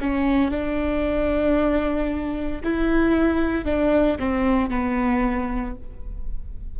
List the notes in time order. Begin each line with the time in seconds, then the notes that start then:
0.00 C#4
0.51 D4
2.63 E4
3.65 D4
4.19 C4
4.69 B3